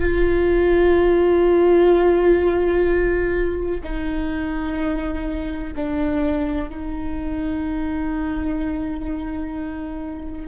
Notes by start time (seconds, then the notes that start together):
0.00 F4
3.83 D#4
5.75 D4
6.69 D#4